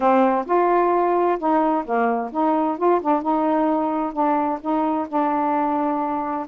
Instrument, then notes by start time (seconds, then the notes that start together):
saxophone
0.00 C4
0.46 F4
1.38 D#4
1.85 A#3
2.32 D#4
2.77 F4
3.01 D4
3.22 D#4
4.12 D4
4.61 D#4
5.08 D4